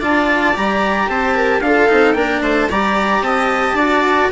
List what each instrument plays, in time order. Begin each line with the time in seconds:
0.00 bassoon D4, cello F4, viola D5, trumpet A5
0.55 bassoon G3, cello G4, trumpet A#5
1.08 bassoon C4, viola C5, trumpet A5
1.35 viola A#4
1.60 bassoon D4, cello F4, viola A4, trumpet F5
1.89 bassoon C4, cello D#4
2.13 bassoon A#3, cello D4, viola A#4, trumpet G5
2.42 bassoon A3, viola C5, trumpet A5
2.70 bassoon G3, cello G4, viola D5, trumpet A#5
3.21 bassoon C4, viola D#5, trumpet A5
3.73 bassoon D4, cello F#4, viola D5